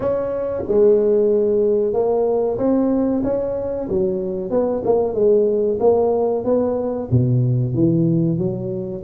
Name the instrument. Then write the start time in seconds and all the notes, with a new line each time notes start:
tuba
0.00 C#4
0.67 G#3
1.93 A#3
2.57 C4
3.23 C#4
3.89 F#3
4.50 B3
4.84 A#3
5.14 G#3
5.79 A#3
6.44 B3
7.11 B2
7.74 E3
8.38 F#3